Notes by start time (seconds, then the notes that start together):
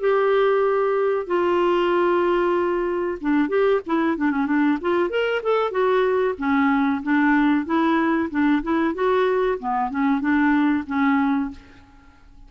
0.00 G4
1.27 F4
3.21 D4
3.49 G4
3.86 E4
4.17 D4
4.31 C#4
4.47 D4
4.81 F4
5.09 A#4
5.43 A4
5.71 F#4
6.38 C#4
7.03 D4
7.65 E4
8.31 D4
8.63 E4
8.94 F#4
9.59 B3
9.91 C#4
10.21 D4
10.87 C#4